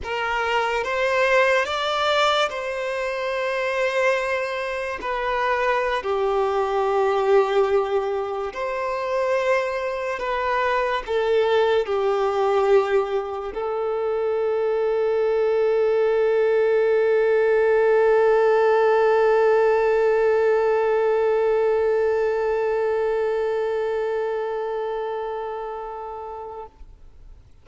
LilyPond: \new Staff \with { instrumentName = "violin" } { \time 4/4 \tempo 4 = 72 ais'4 c''4 d''4 c''4~ | c''2 b'4~ b'16 g'8.~ | g'2~ g'16 c''4.~ c''16~ | c''16 b'4 a'4 g'4.~ g'16~ |
g'16 a'2.~ a'8.~ | a'1~ | a'1~ | a'1 | }